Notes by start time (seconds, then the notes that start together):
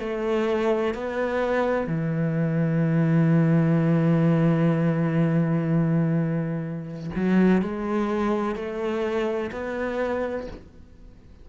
0.00 A3
0.94 B3
1.87 E3
7.16 F#3
7.62 G#3
8.56 A3
9.52 B3